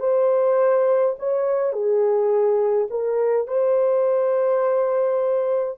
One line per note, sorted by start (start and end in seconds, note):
0.00 1.15 C5
1.19 1.73 C#5
1.73 2.88 G#4
2.91 3.47 A#4
3.47 5.78 C5